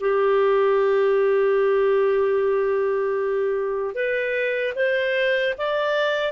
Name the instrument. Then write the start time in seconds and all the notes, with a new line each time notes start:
clarinet
0.00 G4
3.94 B4
4.75 C5
5.58 D5